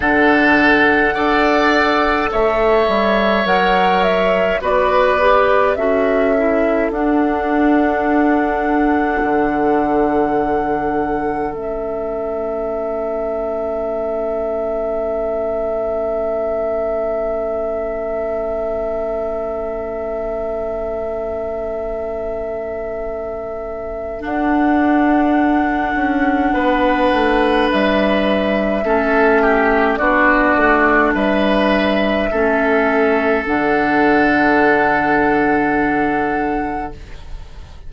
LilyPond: <<
  \new Staff \with { instrumentName = "flute" } { \time 4/4 \tempo 4 = 52 fis''2 e''4 fis''8 e''8 | d''4 e''4 fis''2~ | fis''2 e''2~ | e''1~ |
e''1~ | e''4 fis''2. | e''2 d''4 e''4~ | e''4 fis''2. | }
  \new Staff \with { instrumentName = "oboe" } { \time 4/4 a'4 d''4 cis''2 | b'4 a'2.~ | a'1~ | a'1~ |
a'1~ | a'2. b'4~ | b'4 a'8 g'8 fis'4 b'4 | a'1 | }
  \new Staff \with { instrumentName = "clarinet" } { \time 4/4 d'4 a'2 ais'4 | fis'8 g'8 fis'8 e'8 d'2~ | d'2 cis'2~ | cis'1~ |
cis'1~ | cis'4 d'2.~ | d'4 cis'4 d'2 | cis'4 d'2. | }
  \new Staff \with { instrumentName = "bassoon" } { \time 4/4 d4 d'4 a8 g8 fis4 | b4 cis'4 d'2 | d2 a2~ | a1~ |
a1~ | a4 d'4. cis'8 b8 a8 | g4 a4 b8 a8 g4 | a4 d2. | }
>>